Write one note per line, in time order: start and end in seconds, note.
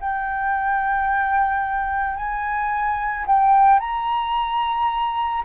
0.00 2.16 G5
2.16 3.25 G#5
3.26 3.79 G5
3.79 5.43 A#5